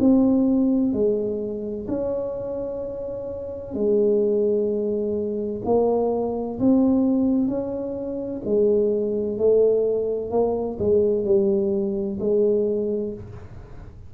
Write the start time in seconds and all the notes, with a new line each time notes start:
0.00 C4
0.93 G#3
1.89 C#4
3.75 G#3
5.65 A#3
6.60 C4
7.48 C#4
8.45 G#3
9.38 A3
10.31 A#3
10.79 G#3
11.25 G3
12.20 G#3